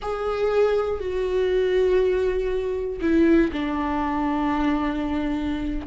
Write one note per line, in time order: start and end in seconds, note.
0.02 1.00 G#4
1.00 3.00 F#4
3.01 3.51 E4
3.52 5.86 D4